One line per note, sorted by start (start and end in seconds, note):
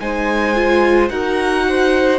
0.00 1.10 G#3
0.00 0.55 D#4
0.00 1.12 C5
0.00 1.09 G#5
0.55 1.11 F4
1.09 2.19 D#4
1.09 2.19 F#4
1.09 1.67 A#4
1.09 2.19 F#5
1.69 2.19 C5